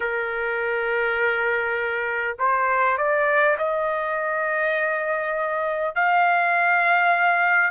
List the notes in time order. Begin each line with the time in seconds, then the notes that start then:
0.00 A#4
2.38 C5
2.97 D5
3.58 D#5
5.95 F5